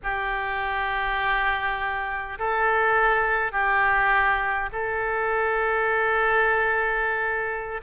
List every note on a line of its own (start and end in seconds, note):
0.03 2.38 G4
2.38 3.51 A4
3.51 4.69 G4
4.72 7.81 A4